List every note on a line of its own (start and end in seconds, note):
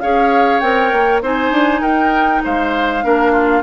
0.00 0.62 C#4
0.00 0.62 G#4
0.00 1.23 C#5
0.00 0.60 F5
0.60 0.92 C4
0.60 1.22 A#4
0.60 1.20 G5
0.92 1.22 A#3
1.22 1.51 C4
1.22 3.03 D#4
1.22 1.81 C5
1.22 1.82 G#5
1.51 1.81 D4
1.81 2.42 D#4
1.81 2.42 A#4
1.81 2.43 G5
2.44 3.04 G#3
2.44 3.04 C5
2.44 3.63 F5
3.03 3.63 A#3
3.03 3.63 D4
3.03 3.32 A#4
3.32 3.62 F4